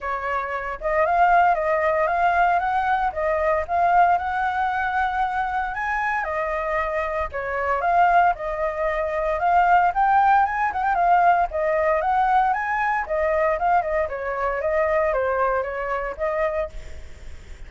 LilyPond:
\new Staff \with { instrumentName = "flute" } { \time 4/4 \tempo 4 = 115 cis''4. dis''8 f''4 dis''4 | f''4 fis''4 dis''4 f''4 | fis''2. gis''4 | dis''2 cis''4 f''4 |
dis''2 f''4 g''4 | gis''8 fis''16 g''16 f''4 dis''4 fis''4 | gis''4 dis''4 f''8 dis''8 cis''4 | dis''4 c''4 cis''4 dis''4 | }